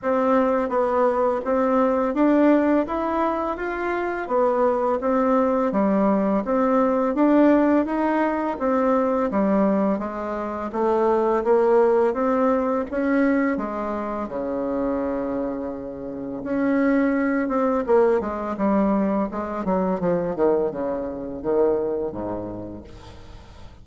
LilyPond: \new Staff \with { instrumentName = "bassoon" } { \time 4/4 \tempo 4 = 84 c'4 b4 c'4 d'4 | e'4 f'4 b4 c'4 | g4 c'4 d'4 dis'4 | c'4 g4 gis4 a4 |
ais4 c'4 cis'4 gis4 | cis2. cis'4~ | cis'8 c'8 ais8 gis8 g4 gis8 fis8 | f8 dis8 cis4 dis4 gis,4 | }